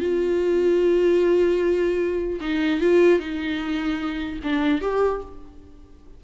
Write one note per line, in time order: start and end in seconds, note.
0.00 2.40 F4
2.41 2.81 D#4
2.81 3.20 F4
3.20 4.40 D#4
4.44 4.82 D4
4.82 5.22 G4